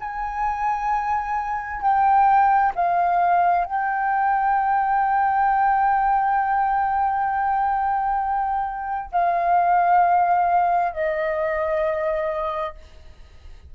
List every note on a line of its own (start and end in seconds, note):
0.00 1.81 G#5
1.81 2.72 G5
2.75 3.65 F5
3.65 9.10 G5
9.12 10.93 F5
10.93 12.75 D#5